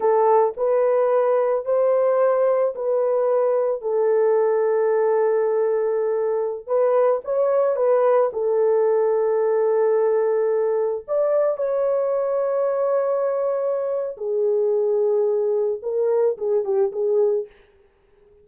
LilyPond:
\new Staff \with { instrumentName = "horn" } { \time 4/4 \tempo 4 = 110 a'4 b'2 c''4~ | c''4 b'2 a'4~ | a'1~ | a'16 b'4 cis''4 b'4 a'8.~ |
a'1~ | a'16 d''4 cis''2~ cis''8.~ | cis''2 gis'2~ | gis'4 ais'4 gis'8 g'8 gis'4 | }